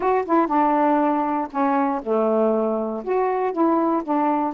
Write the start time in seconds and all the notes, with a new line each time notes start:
0.00 F#4
0.25 E4
0.47 D4
1.51 C#4
2.03 A3
3.04 F#4
3.52 E4
4.03 D4